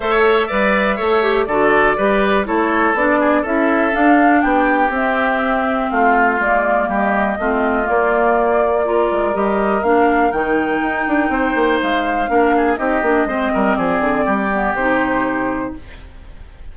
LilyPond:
<<
  \new Staff \with { instrumentName = "flute" } { \time 4/4 \tempo 4 = 122 e''2. d''4~ | d''4 cis''4 d''4 e''4 | f''4 g''4 e''2 | f''4 d''4 dis''2 |
d''2. dis''4 | f''4 g''2. | f''2 dis''2 | d''2 c''2 | }
  \new Staff \with { instrumentName = "oboe" } { \time 4/4 cis''4 d''4 cis''4 a'4 | b'4 a'4. gis'8 a'4~ | a'4 g'2. | f'2 g'4 f'4~ |
f'2 ais'2~ | ais'2. c''4~ | c''4 ais'8 gis'8 g'4 c''8 ais'8 | gis'4 g'2. | }
  \new Staff \with { instrumentName = "clarinet" } { \time 4/4 a'4 b'4 a'8 g'8 fis'4 | g'4 e'4 d'4 e'4 | d'2 c'2~ | c'4 ais2 c'4 |
ais2 f'4 g'4 | d'4 dis'2.~ | dis'4 d'4 dis'8 d'8 c'4~ | c'4. b8 dis'2 | }
  \new Staff \with { instrumentName = "bassoon" } { \time 4/4 a4 g4 a4 d4 | g4 a4 b4 cis'4 | d'4 b4 c'2 | a4 gis4 g4 a4 |
ais2~ ais8 gis8 g4 | ais4 dis4 dis'8 d'8 c'8 ais8 | gis4 ais4 c'8 ais8 gis8 g8 | f8 d8 g4 c2 | }
>>